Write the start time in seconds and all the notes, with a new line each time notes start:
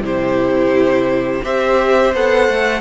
0.00 C3 E4 G4 C5
1.43 C4 G4 C5 E5
2.14 B3 A4 F#5
2.48 A3